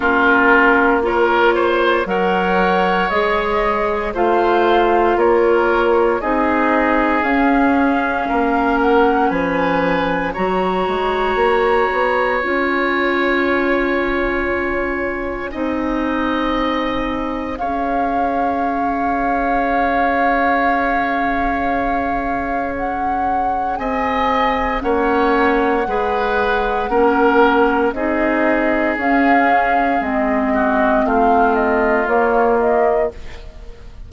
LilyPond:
<<
  \new Staff \with { instrumentName = "flute" } { \time 4/4 \tempo 4 = 58 ais'4 cis''4 fis''4 dis''4 | f''4 cis''4 dis''4 f''4~ | f''8 fis''8 gis''4 ais''2 | gis''1~ |
gis''4 f''2.~ | f''2 fis''4 gis''4 | fis''2. dis''4 | f''4 dis''4 f''8 dis''8 cis''8 dis''8 | }
  \new Staff \with { instrumentName = "oboe" } { \time 4/4 f'4 ais'8 c''8 cis''2 | c''4 ais'4 gis'2 | ais'4 b'4 cis''2~ | cis''2. dis''4~ |
dis''4 cis''2.~ | cis''2. dis''4 | cis''4 b'4 ais'4 gis'4~ | gis'4. fis'8 f'2 | }
  \new Staff \with { instrumentName = "clarinet" } { \time 4/4 cis'4 f'4 ais'4 gis'4 | f'2 dis'4 cis'4~ | cis'2 fis'2 | f'2. dis'4~ |
dis'4 gis'2.~ | gis'1 | cis'4 gis'4 cis'4 dis'4 | cis'4 c'2 ais4 | }
  \new Staff \with { instrumentName = "bassoon" } { \time 4/4 ais2 fis4 gis4 | a4 ais4 c'4 cis'4 | ais4 f4 fis8 gis8 ais8 b8 | cis'2. c'4~ |
c'4 cis'2.~ | cis'2. c'4 | ais4 gis4 ais4 c'4 | cis'4 gis4 a4 ais4 | }
>>